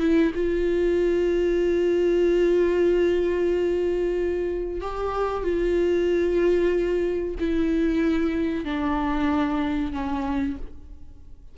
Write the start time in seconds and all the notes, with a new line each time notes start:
0.00 E4
0.35 F4
4.81 G4
5.43 F4
7.40 E4
8.65 D4
9.92 C#4